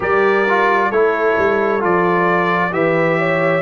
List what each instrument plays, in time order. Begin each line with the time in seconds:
0.00 tuba G3, trombone G4, horn A#4, trumpet D5
0.48 trombone F4
0.90 tuba A3, trombone E4, horn A4, trumpet C#5
1.37 tuba G3
1.80 tuba F3, trombone F4, trumpet D5
2.71 tuba E3, trombone G4, horn B4, trumpet E5
3.18 horn C#5